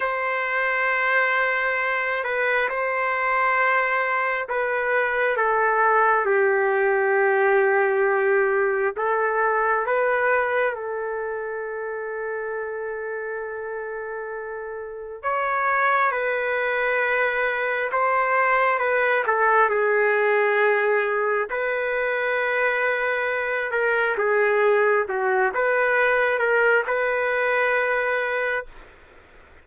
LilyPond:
\new Staff \with { instrumentName = "trumpet" } { \time 4/4 \tempo 4 = 67 c''2~ c''8 b'8 c''4~ | c''4 b'4 a'4 g'4~ | g'2 a'4 b'4 | a'1~ |
a'4 cis''4 b'2 | c''4 b'8 a'8 gis'2 | b'2~ b'8 ais'8 gis'4 | fis'8 b'4 ais'8 b'2 | }